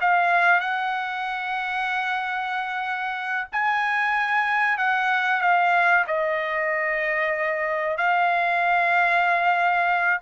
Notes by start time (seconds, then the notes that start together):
0.00 F5
0.60 F#5
3.52 G#5
4.78 F#5
5.41 F5
6.07 D#5
7.97 F5